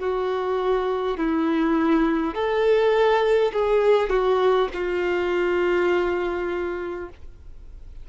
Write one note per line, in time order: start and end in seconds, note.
0.00 1.18 F#4
1.18 2.35 E4
2.35 3.52 A4
3.53 4.10 G#4
4.10 4.69 F#4
4.74 7.09 F4